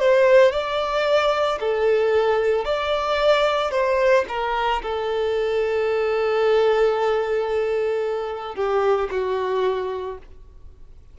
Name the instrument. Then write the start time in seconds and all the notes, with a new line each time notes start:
violin
0.00 C5
0.52 D5
1.60 A4
2.65 D5
3.72 C5
4.29 A#4
4.83 A4
8.56 G4
9.11 F#4